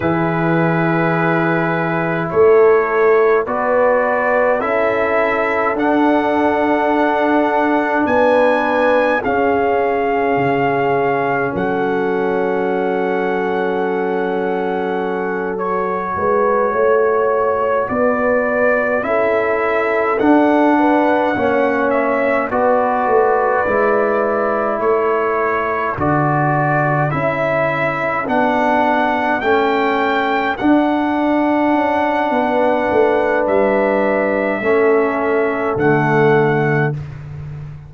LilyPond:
<<
  \new Staff \with { instrumentName = "trumpet" } { \time 4/4 \tempo 4 = 52 b'2 cis''4 d''4 | e''4 fis''2 gis''4 | f''2 fis''2~ | fis''4. cis''2 d''8~ |
d''8 e''4 fis''4. e''8 d''8~ | d''4. cis''4 d''4 e''8~ | e''8 fis''4 g''4 fis''4.~ | fis''4 e''2 fis''4 | }
  \new Staff \with { instrumentName = "horn" } { \time 4/4 gis'2 a'4 b'4 | a'2. b'4 | gis'2 a'2~ | a'2 b'8 cis''4 b'8~ |
b'8 a'4. b'8 cis''4 b'8~ | b'4. a'2~ a'8~ | a'1 | b'2 a'2 | }
  \new Staff \with { instrumentName = "trombone" } { \time 4/4 e'2. fis'4 | e'4 d'2. | cis'1~ | cis'4. fis'2~ fis'8~ |
fis'8 e'4 d'4 cis'4 fis'8~ | fis'8 e'2 fis'4 e'8~ | e'8 d'4 cis'4 d'4.~ | d'2 cis'4 a4 | }
  \new Staff \with { instrumentName = "tuba" } { \time 4/4 e2 a4 b4 | cis'4 d'2 b4 | cis'4 cis4 fis2~ | fis2 gis8 a4 b8~ |
b8 cis'4 d'4 ais4 b8 | a8 gis4 a4 d4 cis'8~ | cis'8 b4 a4 d'4 cis'8 | b8 a8 g4 a4 d4 | }
>>